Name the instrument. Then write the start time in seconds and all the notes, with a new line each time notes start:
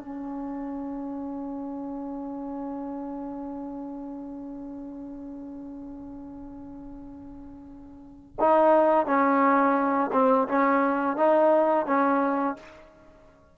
trombone
0.00 C#4
8.40 D#4
9.07 C#4
10.13 C4
10.49 C#4
11.17 D#4
11.87 C#4